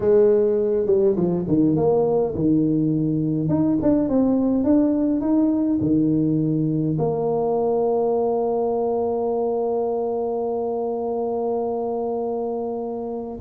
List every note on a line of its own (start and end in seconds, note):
0.00 0.86 G#3
0.86 1.15 G3
1.16 1.45 F3
1.47 1.76 D#3
1.76 2.34 A#3
2.35 3.48 D#3
3.48 3.78 D#4
3.82 4.08 D4
4.08 4.64 C4
4.64 5.21 D4
5.21 5.79 D#4
5.80 6.97 D#3
6.98 13.39 A#3